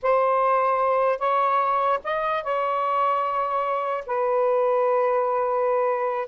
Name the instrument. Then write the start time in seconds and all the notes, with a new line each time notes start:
saxophone
0.02 C5
1.18 C#5
2.03 D#5
2.43 C#5
4.06 B4